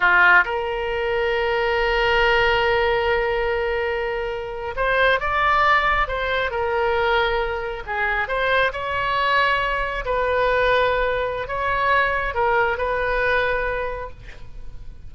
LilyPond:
\new Staff \with { instrumentName = "oboe" } { \time 4/4 \tempo 4 = 136 f'4 ais'2.~ | ais'1~ | ais'2~ ais'8. c''4 d''16~ | d''4.~ d''16 c''4 ais'4~ ais'16~ |
ais'4.~ ais'16 gis'4 c''4 cis''16~ | cis''2~ cis''8. b'4~ b'16~ | b'2 cis''2 | ais'4 b'2. | }